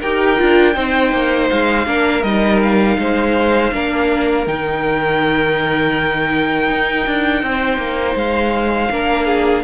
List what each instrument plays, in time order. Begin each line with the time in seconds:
0.00 cello D#4, viola G4, violin A#4 G5
0.38 cello D4, viola F4
0.74 cello C4, viola D#4, violin C5
1.12 cello A#3
1.49 cello G#3, violin F5
1.86 cello A#3, viola D4, violin A#4
2.22 cello G3, viola D#4, violin D#5
2.62 violin F5
2.98 cello G#3, violin C5
3.72 cello A#3, viola D4, violin A#4
4.46 cello D#3, viola D#4, violin G5
6.69 cello D#4
7.06 cello D4
7.42 cello C4, violin C5
7.77 cello A#3
8.15 cello G#3, violin F5
8.90 cello A#3, viola D4, violin A#4
9.26 violin G#4